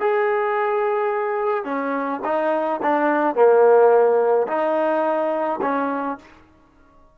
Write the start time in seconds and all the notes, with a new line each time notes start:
0.00 G#4
1.64 C#4
2.25 D#4
2.82 D4
3.35 A#3
4.48 D#4
5.62 C#4